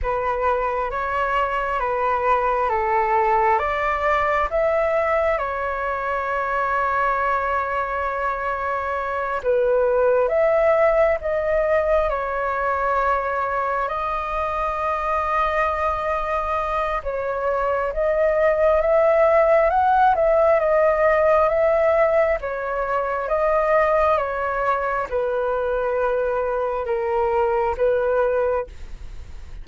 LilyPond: \new Staff \with { instrumentName = "flute" } { \time 4/4 \tempo 4 = 67 b'4 cis''4 b'4 a'4 | d''4 e''4 cis''2~ | cis''2~ cis''8 b'4 e''8~ | e''8 dis''4 cis''2 dis''8~ |
dis''2. cis''4 | dis''4 e''4 fis''8 e''8 dis''4 | e''4 cis''4 dis''4 cis''4 | b'2 ais'4 b'4 | }